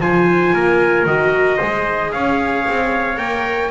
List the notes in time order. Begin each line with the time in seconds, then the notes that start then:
0.00 F3 F4 C5 G#5
0.53 A#3 A#4
1.05 D#3 F#4 D#5
1.57 G#3 G#4 C5
2.12 C#4 C#5 F5
2.68 C4
3.17 A#3 A#4 G5